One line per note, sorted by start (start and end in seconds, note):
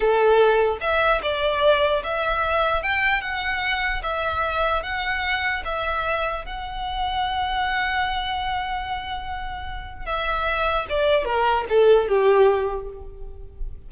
0.00 0.77 A4
0.81 1.21 E5
1.22 2.02 D5
2.03 2.82 E5
2.82 3.21 G5
3.21 4.02 F#5
4.02 4.82 E5
4.82 5.63 F#5
5.64 6.45 E5
6.45 10.05 F#5
10.05 10.86 E5
10.89 11.25 D5
11.25 11.65 A#4
11.69 12.08 A4
12.08 12.88 G4